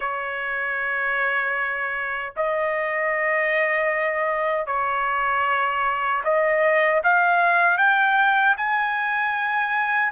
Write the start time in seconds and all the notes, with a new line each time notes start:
0.00 C#5
2.36 D#5
4.66 C#5
6.23 D#5
7.03 F5
7.77 G5
8.57 G#5